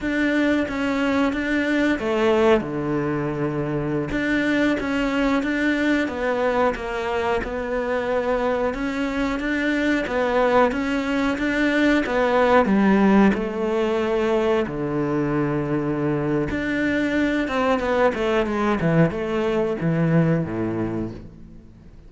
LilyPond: \new Staff \with { instrumentName = "cello" } { \time 4/4 \tempo 4 = 91 d'4 cis'4 d'4 a4 | d2~ d16 d'4 cis'8.~ | cis'16 d'4 b4 ais4 b8.~ | b4~ b16 cis'4 d'4 b8.~ |
b16 cis'4 d'4 b4 g8.~ | g16 a2 d4.~ d16~ | d4 d'4. c'8 b8 a8 | gis8 e8 a4 e4 a,4 | }